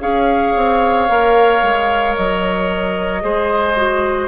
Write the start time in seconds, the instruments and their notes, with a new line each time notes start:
0.00 bassoon C#4, clarinet G#4, oboe C#5, flute F5
0.55 bassoon C4
1.08 bassoon A#3, clarinet A#4
1.62 bassoon G#3
2.15 bassoon F#3, flute D#5
3.21 bassoon G#3, clarinet G#4, oboe C5
3.76 clarinet F#4